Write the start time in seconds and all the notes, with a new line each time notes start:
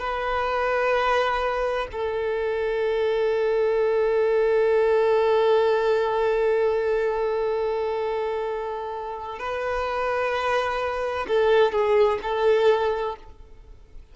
0.00 B4
1.92 A4
9.39 B4
11.28 A4
11.72 G#4
12.23 A4